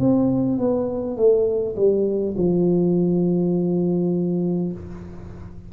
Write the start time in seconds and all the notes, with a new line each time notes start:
0.00 C4
0.59 B3
1.17 A3
1.76 G3
2.37 F3